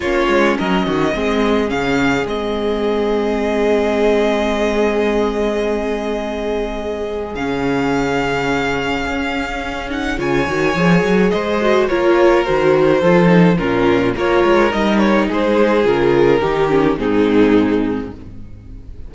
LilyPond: <<
  \new Staff \with { instrumentName = "violin" } { \time 4/4 \tempo 4 = 106 cis''4 dis''2 f''4 | dis''1~ | dis''1~ | dis''4 f''2.~ |
f''4. fis''8 gis''2 | dis''4 cis''4 c''2 | ais'4 cis''4 dis''8 cis''8 c''4 | ais'2 gis'2 | }
  \new Staff \with { instrumentName = "violin" } { \time 4/4 f'4 ais'8 fis'8 gis'2~ | gis'1~ | gis'1~ | gis'1~ |
gis'2 cis''2 | c''4 ais'2 a'4 | f'4 ais'2 gis'4~ | gis'4 g'4 dis'2 | }
  \new Staff \with { instrumentName = "viola" } { \time 4/4 cis'2 c'4 cis'4 | c'1~ | c'1~ | c'4 cis'2.~ |
cis'4. dis'8 f'8 fis'8 gis'4~ | gis'8 fis'8 f'4 fis'4 f'8 dis'8 | cis'4 f'4 dis'2 | f'4 dis'8 cis'8 c'2 | }
  \new Staff \with { instrumentName = "cello" } { \time 4/4 ais8 gis8 fis8 dis8 gis4 cis4 | gis1~ | gis1~ | gis4 cis2. |
cis'2 cis8 dis8 f8 fis8 | gis4 ais4 dis4 f4 | ais,4 ais8 gis8 g4 gis4 | cis4 dis4 gis,2 | }
>>